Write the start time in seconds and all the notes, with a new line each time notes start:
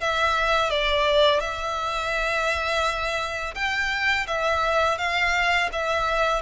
0.00 E5
0.69 D5
1.40 E5
3.55 G5
4.27 E5
4.98 F5
5.72 E5